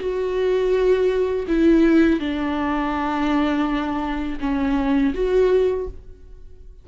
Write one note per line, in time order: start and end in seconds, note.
0.00 1.46 F#4
1.48 2.20 E4
2.20 4.40 D4
4.41 5.14 C#4
5.15 5.88 F#4